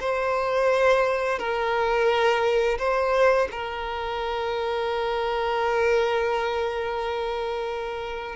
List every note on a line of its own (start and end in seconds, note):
0.00 1.39 C5
1.39 2.78 A#4
2.78 3.48 C5
3.51 8.36 A#4